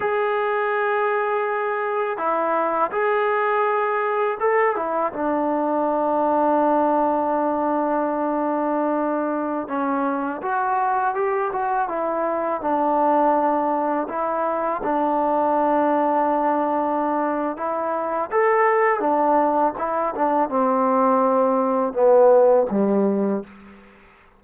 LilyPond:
\new Staff \with { instrumentName = "trombone" } { \time 4/4 \tempo 4 = 82 gis'2. e'4 | gis'2 a'8 e'8 d'4~ | d'1~ | d'4~ d'16 cis'4 fis'4 g'8 fis'16~ |
fis'16 e'4 d'2 e'8.~ | e'16 d'2.~ d'8. | e'4 a'4 d'4 e'8 d'8 | c'2 b4 g4 | }